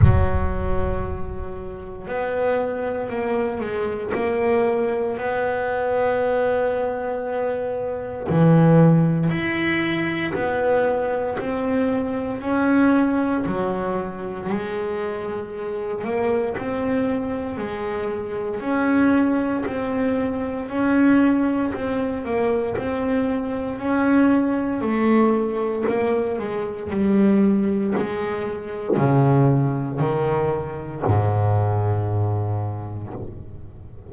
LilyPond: \new Staff \with { instrumentName = "double bass" } { \time 4/4 \tempo 4 = 58 fis2 b4 ais8 gis8 | ais4 b2. | e4 e'4 b4 c'4 | cis'4 fis4 gis4. ais8 |
c'4 gis4 cis'4 c'4 | cis'4 c'8 ais8 c'4 cis'4 | a4 ais8 gis8 g4 gis4 | cis4 dis4 gis,2 | }